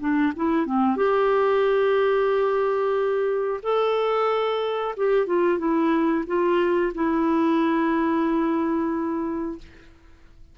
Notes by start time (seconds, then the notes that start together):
0.00 D4
0.36 E4
0.66 C4
0.97 G4
3.63 A4
4.97 G4
5.26 F4
5.58 E4
6.27 F4
6.94 E4